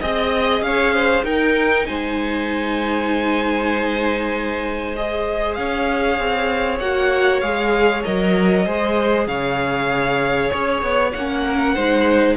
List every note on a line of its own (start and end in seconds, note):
0.00 0.61 C4
0.00 1.24 G#4
0.00 0.62 D#5
0.00 0.65 D#5
0.61 1.23 C#4
0.61 0.94 C#5
0.61 1.24 F5
0.94 1.25 C5
1.23 1.85 D#4
1.23 4.95 D#4
1.23 1.87 A#4
1.23 1.86 G5
1.86 5.57 G#3
1.86 5.59 C5
1.86 4.95 G#5
4.96 6.81 G#4
4.96 5.55 D#5
5.55 6.19 C#4
5.55 8.66 C#5
5.55 6.78 F5
6.19 6.80 C4
6.79 7.42 A#3
6.79 7.43 F#4
6.79 7.41 F#5
7.41 8.04 G#3
7.41 8.04 G#4
7.41 8.02 F5
8.04 8.66 F#3
8.04 8.66 A#4
8.04 9.27 D#5
8.66 9.27 G#3
8.66 11.13 G#4
8.66 9.27 C5
9.27 10.51 C#3
9.27 11.45 C#5
9.27 10.50 F5
10.50 10.82 C#4
10.50 11.12 C#5
10.82 11.13 B3
11.13 11.76 A#3
11.13 12.36 F#5
11.19 11.77 C#4
11.47 11.75 A#4
11.75 12.37 G#3
11.75 12.37 D#4
11.75 12.37 C5